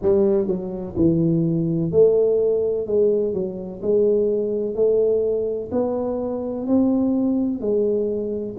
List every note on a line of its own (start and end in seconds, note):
0.02 0.47 G3
0.47 0.94 F#3
0.96 1.91 E3
1.91 2.86 A3
2.86 3.33 G#3
3.33 3.81 F#3
3.82 4.75 G#3
4.75 5.70 A3
5.71 6.66 B3
6.66 7.60 C4
7.60 8.55 G#3